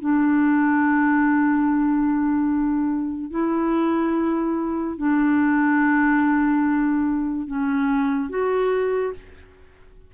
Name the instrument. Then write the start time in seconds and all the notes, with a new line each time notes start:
clarinet
0.00 D4
3.30 E4
4.97 D4
7.47 C#4
8.29 F#4